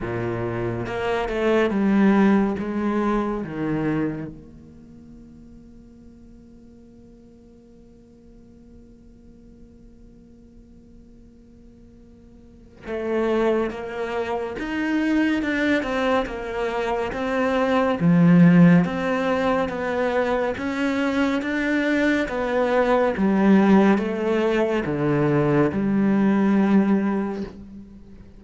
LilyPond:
\new Staff \with { instrumentName = "cello" } { \time 4/4 \tempo 4 = 70 ais,4 ais8 a8 g4 gis4 | dis4 ais2.~ | ais1~ | ais2. a4 |
ais4 dis'4 d'8 c'8 ais4 | c'4 f4 c'4 b4 | cis'4 d'4 b4 g4 | a4 d4 g2 | }